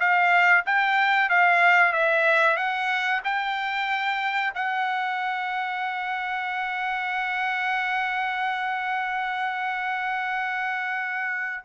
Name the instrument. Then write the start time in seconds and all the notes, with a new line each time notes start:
trumpet
0.00 F5
0.66 G5
1.29 F5
1.93 E5
2.57 F#5
3.24 G5
4.55 F#5